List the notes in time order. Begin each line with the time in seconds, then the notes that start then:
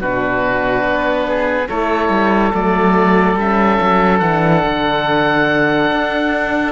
0.00 B2 D4 F#4 B4
0.83 B3
1.27 G#4
1.68 A3 E4 A4 C#5
2.09 G3
2.52 F#3 A3 D5
3.36 G3 C#4 E5
3.81 F#3
4.19 E3 D4 F#5
4.65 D3
5.91 D4